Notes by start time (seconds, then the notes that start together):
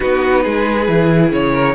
0.00 B3 D#4 F#4 B4
0.42 G#3 G#4
0.87 E3 E4
1.31 C#3 C#5
1.52 A#4